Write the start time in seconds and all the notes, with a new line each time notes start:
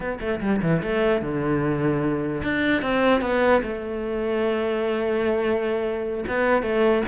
0.00 B3
0.20 A3
0.40 G3
0.62 E3
0.82 A3
1.21 D3
2.43 D4
2.82 C4
3.21 B3
3.62 A3
6.27 B3
6.62 A3